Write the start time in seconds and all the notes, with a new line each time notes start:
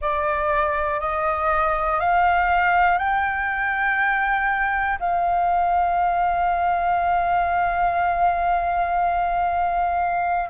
0.00 D5
1.00 D#5
2.00 F5
2.98 G5
4.99 F5